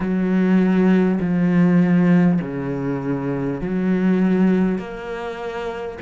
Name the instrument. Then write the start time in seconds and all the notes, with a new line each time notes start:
cello
0.00 F#3
1.20 F3
2.41 C#3
3.60 F#3
4.78 A#3